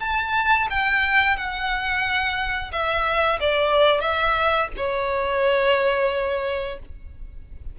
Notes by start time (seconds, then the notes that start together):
0.00 A5
0.70 G5
1.37 F#5
2.72 E5
3.40 D5
4.01 E5
4.77 C#5